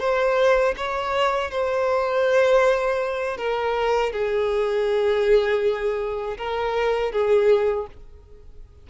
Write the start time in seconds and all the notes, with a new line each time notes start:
0.00 C5
0.77 C#5
1.51 C5
3.38 A#4
4.13 G#4
6.38 A#4
7.12 G#4